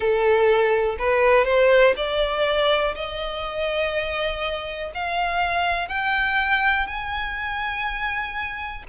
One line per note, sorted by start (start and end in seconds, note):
0.00 0.96 A4
0.98 1.44 B4
1.44 1.94 C5
1.96 2.95 D5
2.95 4.91 D#5
4.94 5.88 F5
5.88 6.86 G5
6.86 8.83 G#5